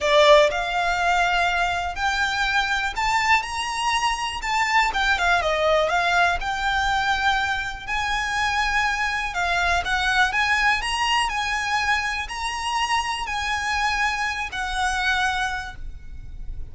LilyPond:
\new Staff \with { instrumentName = "violin" } { \time 4/4 \tempo 4 = 122 d''4 f''2. | g''2 a''4 ais''4~ | ais''4 a''4 g''8 f''8 dis''4 | f''4 g''2. |
gis''2. f''4 | fis''4 gis''4 ais''4 gis''4~ | gis''4 ais''2 gis''4~ | gis''4. fis''2~ fis''8 | }